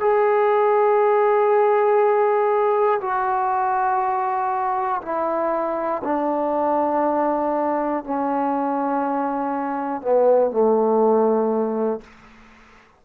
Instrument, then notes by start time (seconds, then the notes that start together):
trombone
0.00 G#4
3.01 F#4
5.02 E4
6.04 D4
8.04 C#4
10.01 B3
10.51 A3